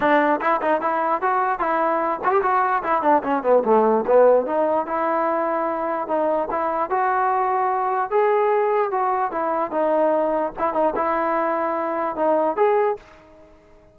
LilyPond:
\new Staff \with { instrumentName = "trombone" } { \time 4/4 \tempo 4 = 148 d'4 e'8 dis'8 e'4 fis'4 | e'4. fis'16 g'16 fis'4 e'8 d'8 | cis'8 b8 a4 b4 dis'4 | e'2. dis'4 |
e'4 fis'2. | gis'2 fis'4 e'4 | dis'2 e'8 dis'8 e'4~ | e'2 dis'4 gis'4 | }